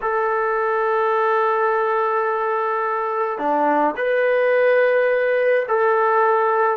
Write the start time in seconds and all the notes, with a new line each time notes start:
0.01 A4
3.38 D4
3.96 B4
5.68 A4